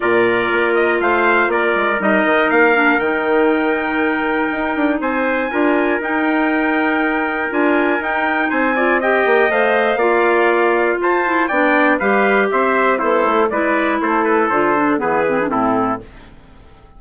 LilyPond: <<
  \new Staff \with { instrumentName = "trumpet" } { \time 4/4 \tempo 4 = 120 d''4. dis''8 f''4 d''4 | dis''4 f''4 g''2~ | g''2 gis''2 | g''2. gis''4 |
g''4 gis''4 g''4 f''4~ | f''2 a''4 g''4 | f''4 e''4 c''4 d''4 | c''8 b'8 c''4 b'4 a'4 | }
  \new Staff \with { instrumentName = "trumpet" } { \time 4/4 ais'2 c''4 ais'4~ | ais'1~ | ais'2 c''4 ais'4~ | ais'1~ |
ais'4 c''8 d''8 dis''2 | d''2 c''4 d''4 | b'4 c''4 e'4 b'4 | a'2 gis'4 e'4 | }
  \new Staff \with { instrumentName = "clarinet" } { \time 4/4 f'1 | dis'4. d'8 dis'2~ | dis'2. f'4 | dis'2. f'4 |
dis'4. f'8 g'4 c''4 | f'2~ f'8 e'8 d'4 | g'2 a'4 e'4~ | e'4 f'8 d'8 b8 c'16 d'16 c'4 | }
  \new Staff \with { instrumentName = "bassoon" } { \time 4/4 ais,4 ais4 a4 ais8 gis8 | g8 dis8 ais4 dis2~ | dis4 dis'8 d'8 c'4 d'4 | dis'2. d'4 |
dis'4 c'4. ais8 a4 | ais2 f'4 b4 | g4 c'4 b8 a8 gis4 | a4 d4 e4 a,4 | }
>>